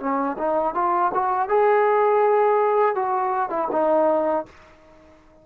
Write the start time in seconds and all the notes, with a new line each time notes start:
0.00 C#4
0.38 D#4
0.75 F4
1.14 F#4
1.49 G#4
2.96 F#4
3.50 E4
3.72 D#4